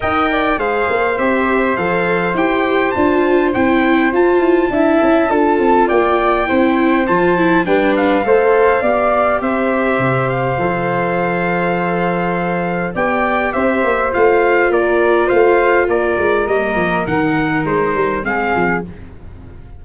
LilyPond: <<
  \new Staff \with { instrumentName = "trumpet" } { \time 4/4 \tempo 4 = 102 g''4 f''4 e''4 f''4 | g''4 a''4 g''4 a''4~ | a''2 g''2 | a''4 g''8 f''2~ f''8 |
e''4. f''2~ f''8~ | f''2 g''4 e''4 | f''4 d''4 f''4 d''4 | dis''4 fis''4 c''4 f''4 | }
  \new Staff \with { instrumentName = "flute" } { \time 4/4 dis''8 d''8 c''2.~ | c''1 | e''4 a'4 d''4 c''4~ | c''4 b'4 c''4 d''4 |
c''1~ | c''2 d''4 c''4~ | c''4 ais'4 c''4 ais'4~ | ais'2. gis'4 | }
  \new Staff \with { instrumentName = "viola" } { \time 4/4 ais'4 gis'4 g'4 a'4 | g'4 f'4 e'4 f'4 | e'4 f'2 e'4 | f'8 e'8 d'4 a'4 g'4~ |
g'2 a'2~ | a'2 g'2 | f'1 | ais4 dis'2 c'4 | }
  \new Staff \with { instrumentName = "tuba" } { \time 4/4 dis'4 gis8 ais8 c'4 f4 | e'4 d'4 c'4 f'8 e'8 | d'8 cis'8 d'8 c'8 ais4 c'4 | f4 g4 a4 b4 |
c'4 c4 f2~ | f2 b4 c'8 ais8 | a4 ais4 a4 ais8 gis8 | g8 f8 dis4 gis8 g8 gis8 f8 | }
>>